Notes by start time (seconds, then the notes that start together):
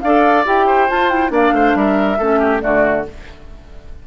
0.00 D4 A4 D5 F5
0.45 E4 G4 G5
0.66 C5
0.88 F4 A5
1.09 E4 G5
1.29 A#3 D4 D5 F5
1.51 A3 C5
1.74 G3 A#4 E5
2.18 A3 C#4 A4
2.39 G4
2.60 D3 A3 F#4 D5